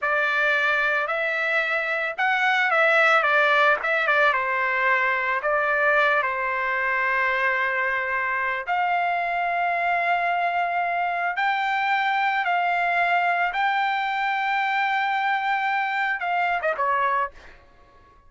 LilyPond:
\new Staff \with { instrumentName = "trumpet" } { \time 4/4 \tempo 4 = 111 d''2 e''2 | fis''4 e''4 d''4 e''8 d''8 | c''2 d''4. c''8~ | c''1 |
f''1~ | f''4 g''2 f''4~ | f''4 g''2.~ | g''2 f''8. dis''16 cis''4 | }